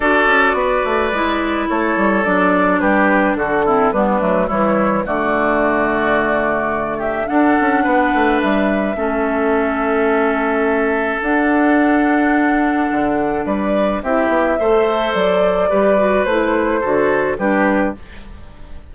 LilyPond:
<<
  \new Staff \with { instrumentName = "flute" } { \time 4/4 \tempo 4 = 107 d''2. cis''4 | d''4 b'4 a'4 b'4 | cis''4 d''2.~ | d''8 e''8 fis''2 e''4~ |
e''1 | fis''1 | d''4 e''2 d''4~ | d''4 c''2 b'4 | }
  \new Staff \with { instrumentName = "oboe" } { \time 4/4 a'4 b'2 a'4~ | a'4 g'4 fis'8 e'8 d'4 | e'4 fis'2.~ | fis'8 g'8 a'4 b'2 |
a'1~ | a'1 | b'4 g'4 c''2 | b'2 a'4 g'4 | }
  \new Staff \with { instrumentName = "clarinet" } { \time 4/4 fis'2 e'2 | d'2~ d'8 c'8 b8 a8 | g4 a2.~ | a4 d'2. |
cis'1 | d'1~ | d'4 e'4 a'2 | g'8 fis'8 e'4 fis'4 d'4 | }
  \new Staff \with { instrumentName = "bassoon" } { \time 4/4 d'8 cis'8 b8 a8 gis4 a8 g8 | fis4 g4 d4 g8 fis8 | e4 d2.~ | d4 d'8 cis'8 b8 a8 g4 |
a1 | d'2. d4 | g4 c'8 b8 a4 fis4 | g4 a4 d4 g4 | }
>>